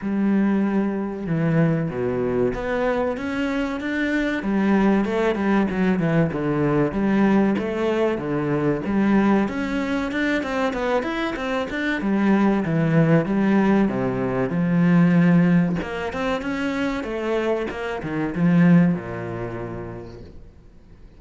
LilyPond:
\new Staff \with { instrumentName = "cello" } { \time 4/4 \tempo 4 = 95 g2 e4 b,4 | b4 cis'4 d'4 g4 | a8 g8 fis8 e8 d4 g4 | a4 d4 g4 cis'4 |
d'8 c'8 b8 e'8 c'8 d'8 g4 | e4 g4 c4 f4~ | f4 ais8 c'8 cis'4 a4 | ais8 dis8 f4 ais,2 | }